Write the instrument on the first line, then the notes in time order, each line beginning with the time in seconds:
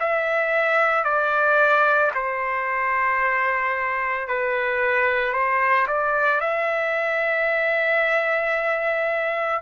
trumpet
0.00 E5
1.05 D5
2.15 C5
4.28 B4
5.34 C5
5.88 D5
6.41 E5